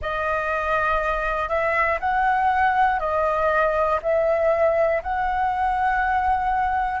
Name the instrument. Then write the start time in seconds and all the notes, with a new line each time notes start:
flute
0.01 D#5
1.48 E5
2.00 F#5
2.99 D#5
4.02 E5
5.03 F#5